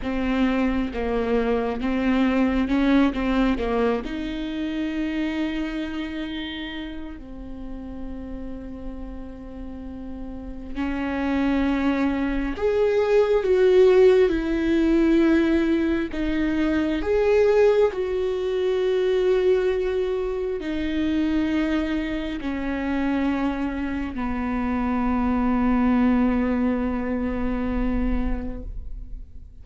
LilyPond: \new Staff \with { instrumentName = "viola" } { \time 4/4 \tempo 4 = 67 c'4 ais4 c'4 cis'8 c'8 | ais8 dis'2.~ dis'8 | c'1 | cis'2 gis'4 fis'4 |
e'2 dis'4 gis'4 | fis'2. dis'4~ | dis'4 cis'2 b4~ | b1 | }